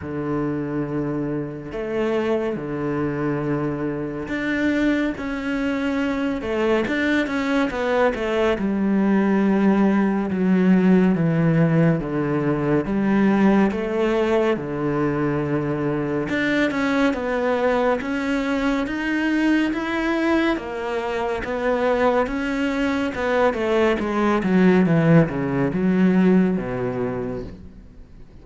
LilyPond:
\new Staff \with { instrumentName = "cello" } { \time 4/4 \tempo 4 = 70 d2 a4 d4~ | d4 d'4 cis'4. a8 | d'8 cis'8 b8 a8 g2 | fis4 e4 d4 g4 |
a4 d2 d'8 cis'8 | b4 cis'4 dis'4 e'4 | ais4 b4 cis'4 b8 a8 | gis8 fis8 e8 cis8 fis4 b,4 | }